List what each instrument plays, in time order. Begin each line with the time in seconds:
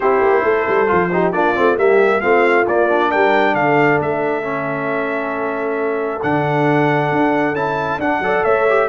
0.00 tuba C4, trombone E4, horn G4, trumpet C5
0.20 tuba A#3
0.43 tuba A3, horn A4
0.67 tuba G3
0.86 tuba F3, trombone F4
1.12 trombone D#4, horn G4
1.32 tuba A#3, trombone D4, horn F4, trumpet D5
1.55 tuba A3, trombone C4
1.77 tuba G3, trombone A#3, horn G4, trumpet E5
2.20 tuba A3, trombone C4, horn F4, trumpet F5
2.67 trombone A#3, tuba A#3, trumpet D5
2.88 trombone D4
3.09 tuba G3, horn A#4, trumpet G5
3.54 tuba D3, horn A4, trumpet F5
4.00 tuba A3, trumpet E5
4.42 trombone C#4
6.22 tuba D3, trombone D4, trumpet F#5
7.11 tuba D4
7.52 tuba C#4, trombone E4, trumpet A5
7.98 tuba D4, trombone D4, trumpet F#5
8.19 tuba F#3, trombone A4, horn D5
8.44 tuba A3, horn C#5, trumpet E5
8.68 trombone G4